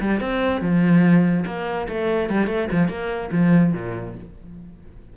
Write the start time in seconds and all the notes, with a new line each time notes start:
0.00 G3
0.20 C4
0.61 F3
1.46 A#3
1.88 A3
2.29 G3
2.47 A3
2.72 F3
2.88 A#3
3.31 F3
3.73 A#2